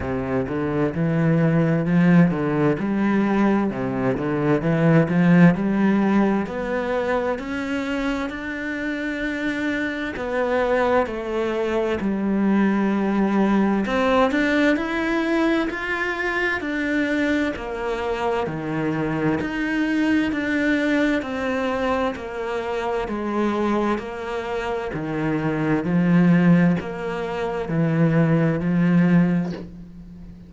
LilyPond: \new Staff \with { instrumentName = "cello" } { \time 4/4 \tempo 4 = 65 c8 d8 e4 f8 d8 g4 | c8 d8 e8 f8 g4 b4 | cis'4 d'2 b4 | a4 g2 c'8 d'8 |
e'4 f'4 d'4 ais4 | dis4 dis'4 d'4 c'4 | ais4 gis4 ais4 dis4 | f4 ais4 e4 f4 | }